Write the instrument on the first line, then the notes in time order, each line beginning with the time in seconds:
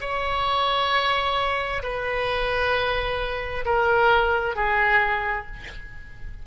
oboe
0.00 C#5
1.82 B4
3.65 A#4
4.55 G#4